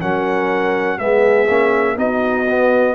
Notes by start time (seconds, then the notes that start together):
0.00 F#3 C#4 A#4 F#5
0.98 G#3 B3 G#4 E5
1.49 A#3 C#4
1.96 B3 D#4 F#4 D#5
2.49 B3